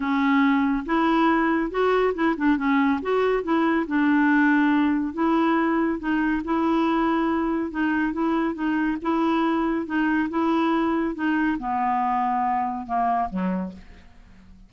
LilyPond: \new Staff \with { instrumentName = "clarinet" } { \time 4/4 \tempo 4 = 140 cis'2 e'2 | fis'4 e'8 d'8 cis'4 fis'4 | e'4 d'2. | e'2 dis'4 e'4~ |
e'2 dis'4 e'4 | dis'4 e'2 dis'4 | e'2 dis'4 b4~ | b2 ais4 fis4 | }